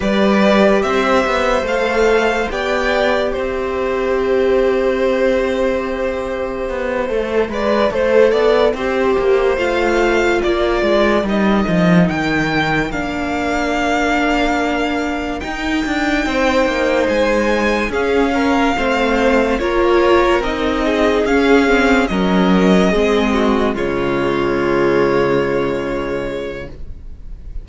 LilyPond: <<
  \new Staff \with { instrumentName = "violin" } { \time 4/4 \tempo 4 = 72 d''4 e''4 f''4 g''4 | e''1~ | e''2.~ e''8 f''8~ | f''8 d''4 dis''4 g''4 f''8~ |
f''2~ f''8 g''4.~ | g''8 gis''4 f''2 cis''8~ | cis''8 dis''4 f''4 dis''4.~ | dis''8 cis''2.~ cis''8 | }
  \new Staff \with { instrumentName = "violin" } { \time 4/4 b'4 c''2 d''4 | c''1~ | c''4 d''8 c''8 d''8 c''4.~ | c''8 ais'2.~ ais'8~ |
ais'2.~ ais'8 c''8~ | c''4. gis'8 ais'8 c''4 ais'8~ | ais'4 gis'4. ais'4 gis'8 | fis'8 f'2.~ f'8 | }
  \new Staff \with { instrumentName = "viola" } { \time 4/4 g'2 a'4 g'4~ | g'1~ | g'8 a'8 b'8 a'4 g'4 f'8~ | f'4. dis'2 d'8~ |
d'2~ d'8 dis'4.~ | dis'4. cis'4 c'4 f'8~ | f'8 dis'4 cis'8 c'8 cis'4 c'8~ | c'8 gis2.~ gis8 | }
  \new Staff \with { instrumentName = "cello" } { \time 4/4 g4 c'8 b8 a4 b4 | c'1 | b8 a8 gis8 a8 b8 c'8 ais8 a8~ | a8 ais8 gis8 g8 f8 dis4 ais8~ |
ais2~ ais8 dis'8 d'8 c'8 | ais8 gis4 cis'4 a4 ais8~ | ais8 c'4 cis'4 fis4 gis8~ | gis8 cis2.~ cis8 | }
>>